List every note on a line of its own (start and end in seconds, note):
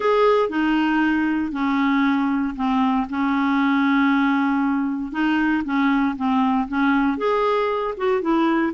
0.00 0.49 G#4
0.49 1.52 D#4
1.52 2.54 C#4
2.56 3.07 C4
3.09 5.12 C#4
5.12 5.63 D#4
5.64 6.15 C#4
6.16 6.67 C4
6.68 7.17 C#4
7.17 7.94 G#4
7.97 8.21 F#4
8.21 8.72 E4